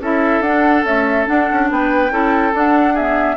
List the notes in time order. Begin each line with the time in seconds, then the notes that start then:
0.00 C#4 E4 A4 E5
0.40 D4 F#5
0.84 A3 C#4 E5
1.26 D4 F#5
1.51 C#4
1.70 B3 B4 G5
2.10 C#4 E4 A4
2.53 D4 F#5
2.93 B3 G#4 E5